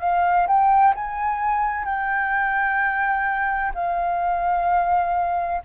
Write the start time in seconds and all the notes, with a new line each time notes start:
0.00 F5
0.47 G5
0.95 G#5
1.85 G5
3.75 F5